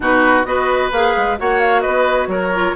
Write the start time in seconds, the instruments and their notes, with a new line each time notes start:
0.00 bassoon B2, clarinet D#4, oboe F#4, flute B4
0.44 bassoon B3, clarinet F#4, oboe B4, flute D#5
0.91 bassoon A#3, clarinet G#4, flute F5
1.16 bassoon G#3
1.37 bassoon A#3, clarinet F#4, oboe C#5, flute F#5
1.60 flute F5
1.81 bassoon B3, oboe B4, flute D#5
2.27 bassoon F#3, oboe A#4, flute C#5
2.53 clarinet F4